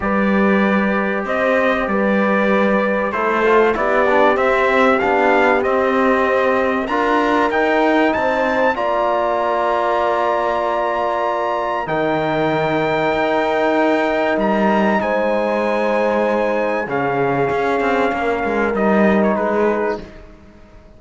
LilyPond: <<
  \new Staff \with { instrumentName = "trumpet" } { \time 4/4 \tempo 4 = 96 d''2 dis''4 d''4~ | d''4 c''4 d''4 e''4 | f''4 dis''2 ais''4 | g''4 a''4 ais''2~ |
ais''2. g''4~ | g''2. ais''4 | gis''2. f''4~ | f''2 dis''8. cis''16 b'4 | }
  \new Staff \with { instrumentName = "horn" } { \time 4/4 b'2 c''4 b'4~ | b'4 a'4 g'2~ | g'2. ais'4~ | ais'4 c''4 d''2~ |
d''2. ais'4~ | ais'1 | c''2. gis'4~ | gis'4 ais'2 gis'4 | }
  \new Staff \with { instrumentName = "trombone" } { \time 4/4 g'1~ | g'4 e'8 f'8 e'8 d'8 c'4 | d'4 c'2 f'4 | dis'2 f'2~ |
f'2. dis'4~ | dis'1~ | dis'2. cis'4~ | cis'2 dis'2 | }
  \new Staff \with { instrumentName = "cello" } { \time 4/4 g2 c'4 g4~ | g4 a4 b4 c'4 | b4 c'2 d'4 | dis'4 c'4 ais2~ |
ais2. dis4~ | dis4 dis'2 g4 | gis2. cis4 | cis'8 c'8 ais8 gis8 g4 gis4 | }
>>